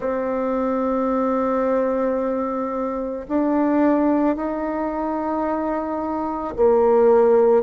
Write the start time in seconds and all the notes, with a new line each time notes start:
0.00 C4
3.28 D4
4.36 D#4
6.56 A#3